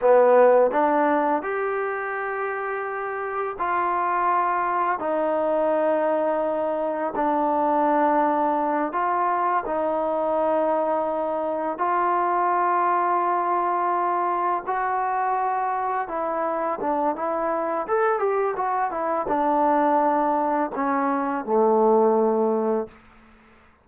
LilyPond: \new Staff \with { instrumentName = "trombone" } { \time 4/4 \tempo 4 = 84 b4 d'4 g'2~ | g'4 f'2 dis'4~ | dis'2 d'2~ | d'8 f'4 dis'2~ dis'8~ |
dis'8 f'2.~ f'8~ | f'8 fis'2 e'4 d'8 | e'4 a'8 g'8 fis'8 e'8 d'4~ | d'4 cis'4 a2 | }